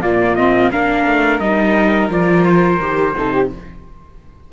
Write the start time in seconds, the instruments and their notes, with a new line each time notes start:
0.00 cello A#2, viola A#3, flute F4, trumpet D5
0.35 viola C4, trumpet D#5
0.71 cello A#3, viola D4, flute A#4, trumpet F5
1.06 cello A3
1.39 cello G3, viola D#4, trumpet D#5
2.08 cello F3, viola F4, trumpet D5
2.45 trumpet C5
2.80 cello D#3, viola G4
3.16 cello C3, viola D#4, flute A4
3.33 flute G4